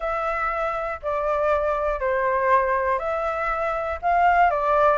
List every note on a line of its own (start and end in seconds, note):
0.00 1.00 E5
1.02 2.00 D5
2.00 2.99 C5
2.99 3.99 E5
4.02 4.50 F5
4.50 4.97 D5